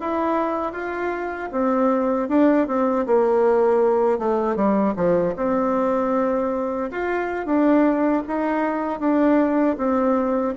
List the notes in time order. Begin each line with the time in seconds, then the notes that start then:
0.00 E4
0.73 F4
1.52 C4
2.29 D4
2.67 C4
3.06 A#3
4.19 A3
4.56 G3
4.96 F3
5.36 C4
6.91 F4
7.46 D4
8.28 D#4
9.00 D4
9.77 C4